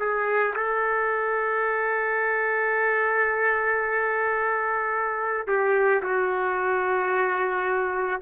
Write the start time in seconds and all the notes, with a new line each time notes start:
0.00 G#4
0.56 A4
5.48 G4
6.02 F#4